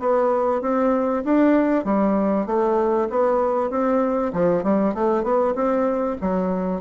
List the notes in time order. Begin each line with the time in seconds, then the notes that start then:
0.00 B3
0.62 C4
1.25 D4
1.85 G3
2.47 A3
3.10 B3
3.70 C4
4.33 F3
4.63 G3
4.95 A3
5.24 B3
5.55 C4
6.21 F#3